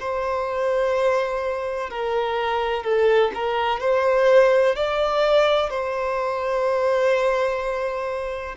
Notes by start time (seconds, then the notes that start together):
0.00 C5
1.90 A#4
2.84 A4
3.35 A#4
3.81 C5
4.76 D5
5.70 C5